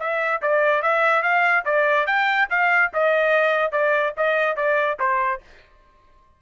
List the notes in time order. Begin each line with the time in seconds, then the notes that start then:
0.00 E5
0.42 D5
0.83 E5
1.23 F5
1.66 D5
2.07 G5
2.50 F5
2.94 D#5
3.72 D5
4.17 D#5
4.56 D5
5.00 C5